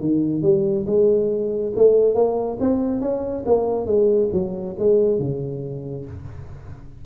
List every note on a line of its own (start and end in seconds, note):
0.00 0.42 D#3
0.42 0.85 G3
0.86 1.72 G#3
1.75 2.14 A3
2.14 2.58 A#3
2.60 3.00 C4
3.00 3.43 C#4
3.46 3.86 A#3
3.86 4.29 G#3
4.32 4.75 F#3
4.78 5.19 G#3
5.19 6.05 C#3